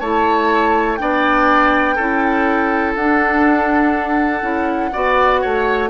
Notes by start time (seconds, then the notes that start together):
0.00 A3 E4 C#5 A5
0.96 B3 D4 D5 G5
1.95 C#4 E4 A4
2.95 D4 F#5
4.42 C#4 E4
4.93 B3 F#4 D5
5.41 A3 C#5